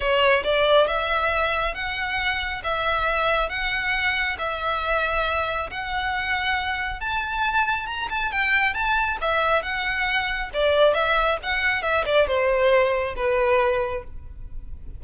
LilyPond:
\new Staff \with { instrumentName = "violin" } { \time 4/4 \tempo 4 = 137 cis''4 d''4 e''2 | fis''2 e''2 | fis''2 e''2~ | e''4 fis''2. |
a''2 ais''8 a''8 g''4 | a''4 e''4 fis''2 | d''4 e''4 fis''4 e''8 d''8 | c''2 b'2 | }